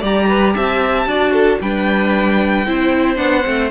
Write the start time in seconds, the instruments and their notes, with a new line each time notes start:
0.00 cello G3, viola G4, violin D5 A#5
0.28 violin B4
0.55 cello C4, violin E5 A5
1.06 cello D4, viola F#4, violin D5
1.33 violin A4
1.61 cello G3, viola D4, violin B4 G5
2.66 cello C4, viola E4, violin C5
3.16 cello B3, viola D4, violin F#5
3.44 cello A3, viola C4